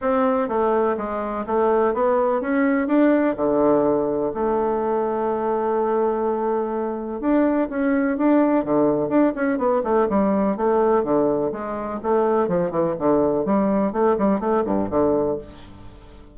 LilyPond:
\new Staff \with { instrumentName = "bassoon" } { \time 4/4 \tempo 4 = 125 c'4 a4 gis4 a4 | b4 cis'4 d'4 d4~ | d4 a2.~ | a2. d'4 |
cis'4 d'4 d4 d'8 cis'8 | b8 a8 g4 a4 d4 | gis4 a4 f8 e8 d4 | g4 a8 g8 a8 g,8 d4 | }